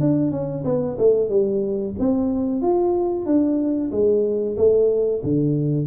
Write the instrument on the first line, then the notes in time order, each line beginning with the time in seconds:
tuba
0.00 D4
0.31 C#4
0.64 B3
0.98 A3
1.29 G3
1.99 C4
2.61 F4
3.25 D4
3.91 G#3
4.57 A3
5.23 D3